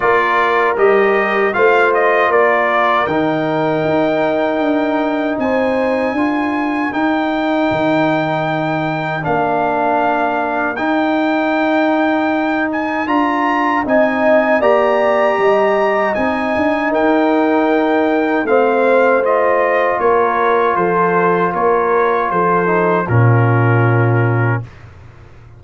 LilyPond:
<<
  \new Staff \with { instrumentName = "trumpet" } { \time 4/4 \tempo 4 = 78 d''4 dis''4 f''8 dis''8 d''4 | g''2. gis''4~ | gis''4 g''2. | f''2 g''2~ |
g''8 gis''8 ais''4 gis''4 ais''4~ | ais''4 gis''4 g''2 | f''4 dis''4 cis''4 c''4 | cis''4 c''4 ais'2 | }
  \new Staff \with { instrumentName = "horn" } { \time 4/4 ais'2 c''4 ais'4~ | ais'2. c''4 | ais'1~ | ais'1~ |
ais'2 dis''4 d''4 | dis''2 ais'2 | c''2 ais'4 a'4 | ais'4 a'4 f'2 | }
  \new Staff \with { instrumentName = "trombone" } { \time 4/4 f'4 g'4 f'2 | dis'1 | f'4 dis'2. | d'2 dis'2~ |
dis'4 f'4 dis'4 g'4~ | g'4 dis'2. | c'4 f'2.~ | f'4. dis'8 cis'2 | }
  \new Staff \with { instrumentName = "tuba" } { \time 4/4 ais4 g4 a4 ais4 | dis4 dis'4 d'4 c'4 | d'4 dis'4 dis2 | ais2 dis'2~ |
dis'4 d'4 c'4 ais4 | g4 c'8 d'8 dis'2 | a2 ais4 f4 | ais4 f4 ais,2 | }
>>